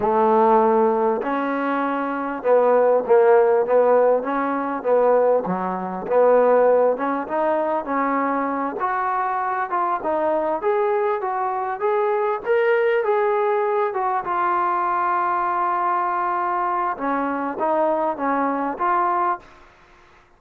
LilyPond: \new Staff \with { instrumentName = "trombone" } { \time 4/4 \tempo 4 = 99 a2 cis'2 | b4 ais4 b4 cis'4 | b4 fis4 b4. cis'8 | dis'4 cis'4. fis'4. |
f'8 dis'4 gis'4 fis'4 gis'8~ | gis'8 ais'4 gis'4. fis'8 f'8~ | f'1 | cis'4 dis'4 cis'4 f'4 | }